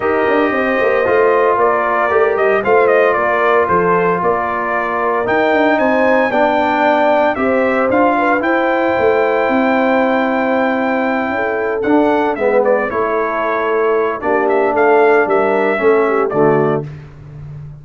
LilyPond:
<<
  \new Staff \with { instrumentName = "trumpet" } { \time 4/4 \tempo 4 = 114 dis''2. d''4~ | d''8 dis''8 f''8 dis''8 d''4 c''4 | d''2 g''4 gis''4 | g''2 e''4 f''4 |
g''1~ | g''2~ g''8 fis''4 e''8 | d''8 cis''2~ cis''8 d''8 e''8 | f''4 e''2 d''4 | }
  \new Staff \with { instrumentName = "horn" } { \time 4/4 ais'4 c''2 ais'4~ | ais'4 c''4 ais'4 a'4 | ais'2. c''4 | d''2 c''4. b'8 |
c''1~ | c''4. a'2 b'8~ | b'8 a'2~ a'8 g'4 | a'4 ais'4 a'8 g'8 fis'4 | }
  \new Staff \with { instrumentName = "trombone" } { \time 4/4 g'2 f'2 | g'4 f'2.~ | f'2 dis'2 | d'2 g'4 f'4 |
e'1~ | e'2~ e'8 d'4 b8~ | b8 e'2~ e'8 d'4~ | d'2 cis'4 a4 | }
  \new Staff \with { instrumentName = "tuba" } { \time 4/4 dis'8 d'8 c'8 ais8 a4 ais4 | a8 g8 a4 ais4 f4 | ais2 dis'8 d'8 c'4 | b2 c'4 d'4 |
e'4 a4 c'2~ | c'4. cis'4 d'4 gis8~ | gis8 a2~ a8 ais4 | a4 g4 a4 d4 | }
>>